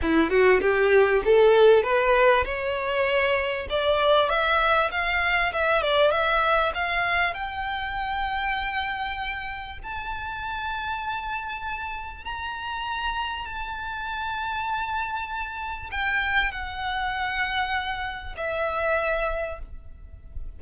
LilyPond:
\new Staff \with { instrumentName = "violin" } { \time 4/4 \tempo 4 = 98 e'8 fis'8 g'4 a'4 b'4 | cis''2 d''4 e''4 | f''4 e''8 d''8 e''4 f''4 | g''1 |
a''1 | ais''2 a''2~ | a''2 g''4 fis''4~ | fis''2 e''2 | }